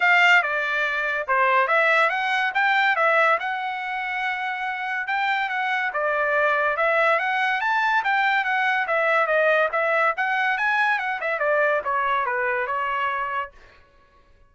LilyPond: \new Staff \with { instrumentName = "trumpet" } { \time 4/4 \tempo 4 = 142 f''4 d''2 c''4 | e''4 fis''4 g''4 e''4 | fis''1 | g''4 fis''4 d''2 |
e''4 fis''4 a''4 g''4 | fis''4 e''4 dis''4 e''4 | fis''4 gis''4 fis''8 e''8 d''4 | cis''4 b'4 cis''2 | }